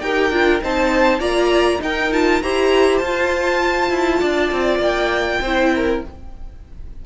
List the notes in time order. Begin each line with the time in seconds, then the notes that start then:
0.00 D#4 G4 A#4 G5
0.30 D4 F4
0.61 C4 D#4 C5 A5
1.19 A#3 F4 D5 A#5
1.79 D#4 A#4 G5
2.12 F4 A5
2.42 E4 G4 C5 A#5
2.97 F4 A5
3.05 F4
3.90 E4
4.20 D4 D5
4.52 C4
4.79 A#3 G5
5.41 C4 E4 C5
5.75 A#4